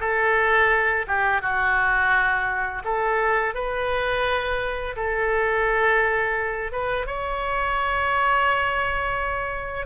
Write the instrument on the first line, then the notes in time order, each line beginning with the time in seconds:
oboe
0.00 A4
1.07 G4
1.42 F#4
2.85 A4
3.55 B4
4.96 A4
6.72 B4
7.07 C#5